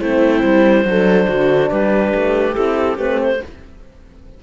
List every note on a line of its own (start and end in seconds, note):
0.00 0.43 A3
0.00 0.85 C4
0.00 0.86 E4
0.00 1.70 C5
0.44 0.85 G3
0.85 1.27 F#3
0.85 2.55 D4
0.85 1.27 A4
1.27 1.71 D3
1.27 1.70 F#4
1.70 2.14 G3
1.70 3.39 G4
1.70 2.54 B4
2.15 2.57 A3
2.54 2.98 C4
2.54 2.95 E4
2.54 2.97 A4
2.95 3.40 A3
2.95 3.38 C4
2.95 3.20 B4
3.22 3.43 C5